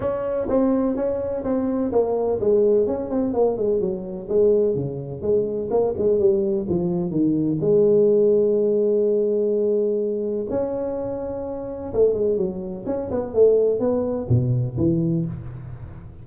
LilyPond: \new Staff \with { instrumentName = "tuba" } { \time 4/4 \tempo 4 = 126 cis'4 c'4 cis'4 c'4 | ais4 gis4 cis'8 c'8 ais8 gis8 | fis4 gis4 cis4 gis4 | ais8 gis8 g4 f4 dis4 |
gis1~ | gis2 cis'2~ | cis'4 a8 gis8 fis4 cis'8 b8 | a4 b4 b,4 e4 | }